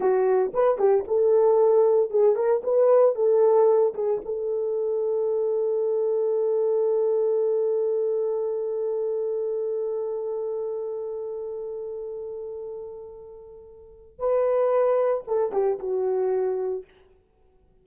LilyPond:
\new Staff \with { instrumentName = "horn" } { \time 4/4 \tempo 4 = 114 fis'4 b'8 g'8 a'2 | gis'8 ais'8 b'4 a'4. gis'8 | a'1~ | a'1~ |
a'1~ | a'1~ | a'2. b'4~ | b'4 a'8 g'8 fis'2 | }